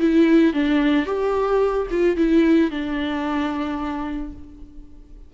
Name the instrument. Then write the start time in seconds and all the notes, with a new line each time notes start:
viola
0.00 E4
0.53 D4
1.06 G4
1.90 F4
2.17 E4
2.71 D4